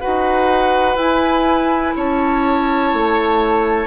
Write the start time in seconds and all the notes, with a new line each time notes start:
0.00 F#4 B4 F#5
0.06 D#4
0.96 E4 G#5
1.97 C#4 C#5 A5
2.94 A3